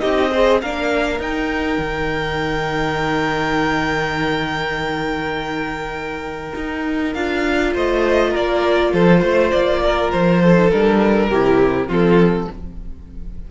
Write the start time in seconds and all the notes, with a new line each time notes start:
0.00 C4 D#4 G4 D#5
0.31 G#4 C5
0.61 A#3 D4 A#4 F5
1.18 D#4 G5
1.78 D#3
6.55 D#4
7.14 D4 F4 F5
7.73 A3 C5 D#5
8.30 A#3 A#4 D5
8.93 F3 A4 C5
9.20 A3 C5
9.51 A#3 D5
9.84 A#4
10.11 F3 C5
10.42 A4
10.53 D#4
10.70 G3 D4 A#4
11.29 C3 E4 G4
11.87 F3 C4 F4 A4